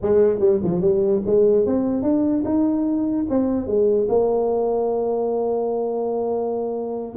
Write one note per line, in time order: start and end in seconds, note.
0.02 0.39 G#3
0.39 0.60 G3
0.63 0.81 F3
0.81 1.21 G3
1.26 1.66 G#3
1.66 2.02 C4
2.02 2.43 D4
2.44 3.26 D#4
3.29 3.66 C4
3.66 4.07 G#3
4.09 7.15 A#3